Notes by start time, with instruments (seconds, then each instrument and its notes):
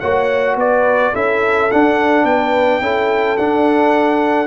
0.00 tuba A#3, trombone F#4, horn C#5, trumpet F#5
0.56 tuba B3, horn B4, trumpet D5
1.13 tuba C#4, trombone E4, horn A4, trumpet E5
1.71 trombone D4, tuba D4, trumpet F#5
2.24 tuba B3, horn B4, trumpet G5
2.81 tuba C#4, trombone E4, horn A4
3.37 tuba D4, trombone D4, trumpet F#5